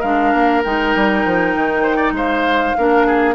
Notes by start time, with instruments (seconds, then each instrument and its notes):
0.00 bassoon G#3, clarinet D4, oboe A#4, flute F5
0.33 bassoon A#3
0.64 bassoon G#3, clarinet D#4, flute G5
0.95 bassoon G3
1.25 bassoon F3
1.56 bassoon D#3
1.83 oboe C5
1.96 oboe D5
2.12 bassoon G#3, oboe C5, flute F5
2.78 bassoon A#3, clarinet D4, oboe A#4
3.07 oboe G#4